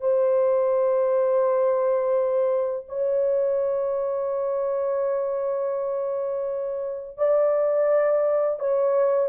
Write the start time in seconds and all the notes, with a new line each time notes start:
0.00 C5
2.88 C#5
7.17 D5
8.59 C#5